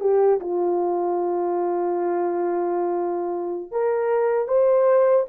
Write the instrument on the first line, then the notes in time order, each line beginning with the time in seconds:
horn
0.00 G4
0.40 F4
3.72 A#4
4.48 C5